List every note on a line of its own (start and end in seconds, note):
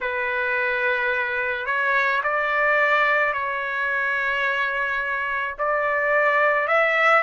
0.00 1.66 B4
1.66 2.21 C#5
2.23 3.33 D5
3.33 5.55 C#5
5.58 6.67 D5
6.67 7.22 E5